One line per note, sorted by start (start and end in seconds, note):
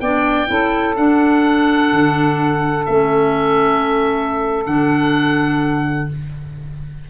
0.00 0.48 B3
0.00 0.47 D4
0.00 0.48 D5
0.00 0.95 G5
0.47 0.97 C#4
0.47 0.94 E4
0.47 6.09 A4
0.96 2.87 D4
0.96 1.92 D4
0.96 2.85 F#5
1.92 2.87 D3
2.85 4.66 A3
2.85 4.65 C#4
2.85 4.64 E5
4.65 6.09 D3
4.65 6.08 D4
4.65 6.08 F#5